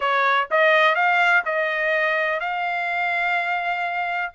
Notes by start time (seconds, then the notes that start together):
0.00 C#5
0.50 D#5
0.95 F5
1.45 D#5
2.40 F5